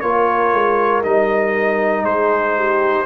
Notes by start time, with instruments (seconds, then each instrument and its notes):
0.00 tuba A#3, trombone F4, horn A#4, trumpet C#5
0.53 tuba G#3
1.03 tuba G3, trombone D#4, trumpet D#5
2.03 tuba G#3, horn G#4, trumpet C5
2.56 horn G4